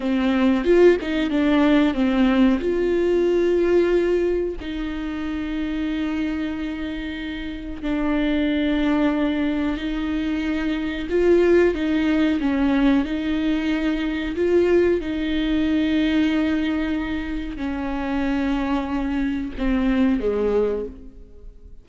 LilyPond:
\new Staff \with { instrumentName = "viola" } { \time 4/4 \tempo 4 = 92 c'4 f'8 dis'8 d'4 c'4 | f'2. dis'4~ | dis'1 | d'2. dis'4~ |
dis'4 f'4 dis'4 cis'4 | dis'2 f'4 dis'4~ | dis'2. cis'4~ | cis'2 c'4 gis4 | }